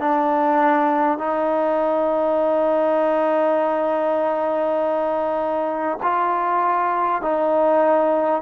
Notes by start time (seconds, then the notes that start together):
0.00 D4
1.18 D#4
6.03 F4
7.22 D#4